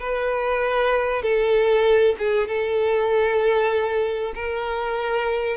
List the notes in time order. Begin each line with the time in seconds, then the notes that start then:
0.00 B4
1.22 A4
2.18 G#4
2.47 A4
4.35 A#4